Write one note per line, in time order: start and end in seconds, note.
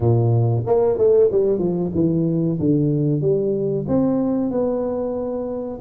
0.00 0.63 A#2
0.66 0.97 A#3
0.97 1.30 A3
1.31 1.58 G3
1.58 1.91 F3
1.94 2.58 E3
2.59 3.21 D3
3.21 3.85 G3
3.88 4.50 C4
4.50 5.79 B3